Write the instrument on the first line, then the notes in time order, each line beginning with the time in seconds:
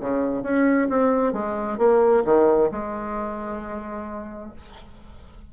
bassoon
0.00 C#3
0.43 C#4
0.89 C4
1.33 G#3
1.78 A#3
2.25 D#3
2.71 G#3